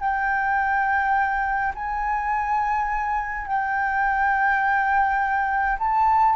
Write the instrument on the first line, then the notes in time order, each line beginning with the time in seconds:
flute
0.00 G5
1.74 G#5
3.47 G5
5.78 A5